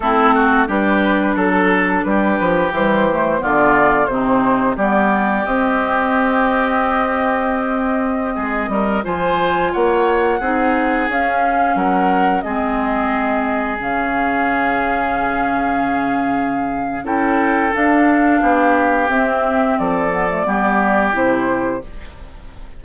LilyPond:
<<
  \new Staff \with { instrumentName = "flute" } { \time 4/4 \tempo 4 = 88 a'4 b'4 a'4 b'4 | c''4 d''4 c''4 d''4 | dis''1~ | dis''4~ dis''16 gis''4 fis''4.~ fis''16~ |
fis''16 f''4 fis''4 dis''4.~ dis''16~ | dis''16 f''2.~ f''8.~ | f''4 g''4 f''2 | e''4 d''2 c''4 | }
  \new Staff \with { instrumentName = "oboe" } { \time 4/4 e'8 fis'8 g'4 a'4 g'4~ | g'4 f'4 dis'4 g'4~ | g'1~ | g'16 gis'8 ais'8 c''4 cis''4 gis'8.~ |
gis'4~ gis'16 ais'4 gis'4.~ gis'16~ | gis'1~ | gis'4 a'2 g'4~ | g'4 a'4 g'2 | }
  \new Staff \with { instrumentName = "clarinet" } { \time 4/4 c'4 d'2. | g8 a8 b4 c'4 b4 | c'1~ | c'4~ c'16 f'2 dis'8.~ |
dis'16 cis'2 c'4.~ c'16~ | c'16 cis'2.~ cis'8.~ | cis'4 e'4 d'2 | c'4. b16 a16 b4 e'4 | }
  \new Staff \with { instrumentName = "bassoon" } { \time 4/4 a4 g4 fis4 g8 f8 | e4 d4 c4 g4 | c'1~ | c'16 gis8 g8 f4 ais4 c'8.~ |
c'16 cis'4 fis4 gis4.~ gis16~ | gis16 cis2.~ cis8.~ | cis4 cis'4 d'4 b4 | c'4 f4 g4 c4 | }
>>